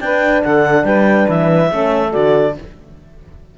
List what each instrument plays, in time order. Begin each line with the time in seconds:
0.00 cello D4, horn D4, saxophone B4, clarinet G5
0.44 cello D3, saxophone A4, clarinet F#5
0.84 cello G3, saxophone B4, clarinet G5
1.29 cello E3, clarinet E5
1.71 cello A3, horn C#4, saxophone A4
2.12 cello D3, horn F#4, clarinet D5